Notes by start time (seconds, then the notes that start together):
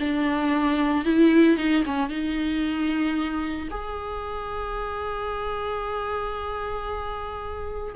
0.00 D4
1.05 E4
1.57 D#4
1.85 C#4
2.09 D#4
3.70 G#4